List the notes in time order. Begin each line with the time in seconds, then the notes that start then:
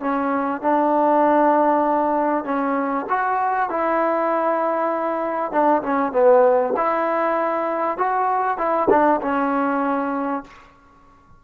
0.00 C#4
0.61 D4
2.44 C#4
3.09 F#4
3.70 E4
5.51 D4
5.82 C#4
6.12 B3
6.76 E4
7.97 F#4
8.57 E4
8.89 D4
9.21 C#4